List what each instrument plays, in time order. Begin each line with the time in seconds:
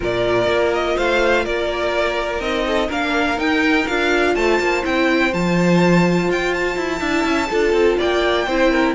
0.00 cello A#2, viola F4, violin A#4 D5
0.46 cello A#3
0.73 violin D#5
0.96 cello A3, violin C5 F5
1.43 cello A#3, violin A#4 D5
2.40 cello C4, viola D#4, violin D#5
2.66 violin A4
2.87 cello A#3, viola D4, violin A#4 F5
3.37 viola D#4, cello D#4, violin G5
3.87 cello D4, viola F4, violin F5
4.35 cello A3, violin C5 A5
4.59 cello A#3
4.83 cello C4, viola E4, violin G5
5.33 cello F3, viola F4, violin A5
6.28 cello F4, violin G5
6.54 violin A5
6.76 cello E4
6.98 cello D4, viola E4, violin E5
7.24 cello C#4
7.50 cello D4, viola F4, violin A4
7.72 cello C4
7.98 cello A#3, violin D5 G5
8.46 cello C4, viola E4, violin C5
8.71 violin A#4